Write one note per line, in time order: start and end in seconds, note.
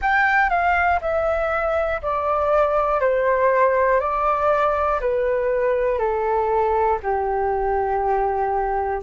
0.01 0.50 G5
0.50 1.00 F5
1.00 2.00 E5
2.01 3.00 D5
3.00 4.00 C5
4.00 5.00 D5
5.00 5.99 B4
5.99 6.99 A4
7.03 9.03 G4